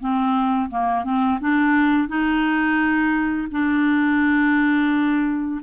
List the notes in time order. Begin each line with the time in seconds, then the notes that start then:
0.00 C4
0.70 A#3
1.04 C4
1.40 D4
2.08 D#4
3.51 D4